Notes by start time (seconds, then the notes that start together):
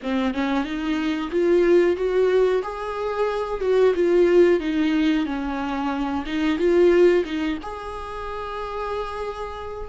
0.02 C4
0.34 C#4
0.64 D#4
1.31 F4
1.96 F#4
2.62 G#4
3.61 F#4
3.94 F4
4.59 D#4
5.26 C#4
6.26 D#4
6.58 F4
7.25 D#4
7.62 G#4